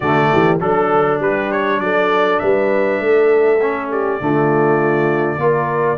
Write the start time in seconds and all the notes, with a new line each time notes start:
0.00 D3 A3 F#4 D5
0.32 E3 G4
0.59 F#3 D4 A4
1.19 G3 G4 B4
1.51 C#5
1.79 F#3 A4 D5
2.39 G3 B4 E5
3.00 A3 A4
3.61 C#4
3.91 G4 D5
4.20 D3 A3 F4
5.37 A#3 F4 A#4